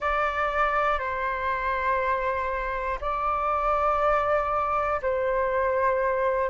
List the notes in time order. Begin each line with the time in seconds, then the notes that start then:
0.00 D5
0.98 C5
3.00 D5
5.01 C5